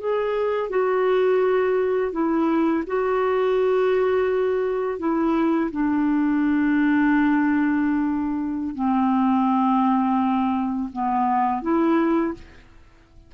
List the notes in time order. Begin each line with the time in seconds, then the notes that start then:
0.00 G#4
0.70 F#4
2.12 E4
2.87 F#4
4.99 E4
5.71 D4
8.75 C4
10.93 B3
11.62 E4